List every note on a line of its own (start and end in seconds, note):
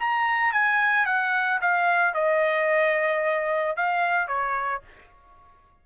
0.00 0.53 A#5
0.53 1.06 G#5
1.06 1.60 F#5
1.61 2.14 F5
2.14 3.76 D#5
3.77 4.28 F5
4.28 4.82 C#5